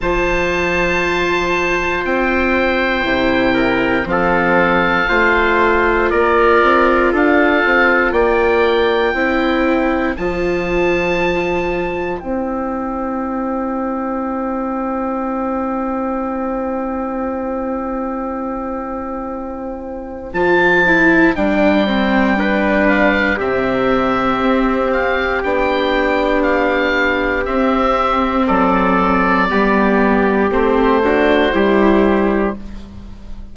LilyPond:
<<
  \new Staff \with { instrumentName = "oboe" } { \time 4/4 \tempo 4 = 59 a''2 g''2 | f''2 d''4 f''4 | g''2 a''2 | g''1~ |
g''1 | a''4 g''4. f''8 e''4~ | e''8 f''8 g''4 f''4 e''4 | d''2 c''2 | }
  \new Staff \with { instrumentName = "trumpet" } { \time 4/4 c''2.~ c''8 ais'8 | a'4 c''4 ais'4 a'4 | d''4 c''2.~ | c''1~ |
c''1~ | c''2 b'4 g'4~ | g'1 | a'4 g'4. fis'8 g'4 | }
  \new Staff \with { instrumentName = "viola" } { \time 4/4 f'2. e'4 | c'4 f'2.~ | f'4 e'4 f'2 | e'1~ |
e'1 | f'8 e'8 d'8 c'8 d'4 c'4~ | c'4 d'2 c'4~ | c'4 b4 c'8 d'8 e'4 | }
  \new Staff \with { instrumentName = "bassoon" } { \time 4/4 f2 c'4 c4 | f4 a4 ais8 c'8 d'8 c'8 | ais4 c'4 f2 | c'1~ |
c'1 | f4 g2 c4 | c'4 b2 c'4 | fis4 g4 a4 g4 | }
>>